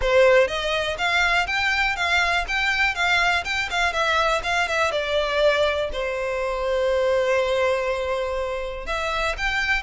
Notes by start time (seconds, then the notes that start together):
0.01 C5
0.47 D#5
0.98 F5
1.46 G5
1.95 F5
2.48 G5
2.95 F5
3.44 G5
3.70 F5
3.92 E5
4.43 F5
4.67 E5
4.91 D5
5.92 C5
8.86 E5
9.37 G5